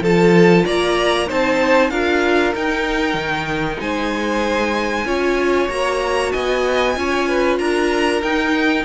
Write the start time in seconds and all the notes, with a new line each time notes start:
0.00 F3 F4 A4 A5
0.65 A#3 D5 A#5
1.27 C4 D#4 C5 A5
1.90 D4 F4 A#4 F5
2.54 D#4 G5
3.14 D#3
3.80 G#3 C5 G#5
5.05 C#4 F4 C#5
5.69 A#3 F#4 A#5
6.31 B3 D#5 G#5
6.96 C#4 F4 C#5
7.28 B4
7.58 D4 A#4 A#5
8.22 D#4 G5